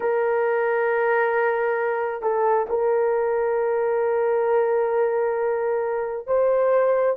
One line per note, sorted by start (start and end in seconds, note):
0.00 2.21 A#4
2.21 2.66 A4
2.69 6.26 A#4
6.26 7.16 C5